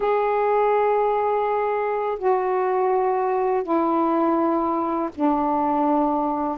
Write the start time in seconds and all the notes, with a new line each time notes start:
0.00 G#4
2.18 F#4
3.63 E4
5.15 D4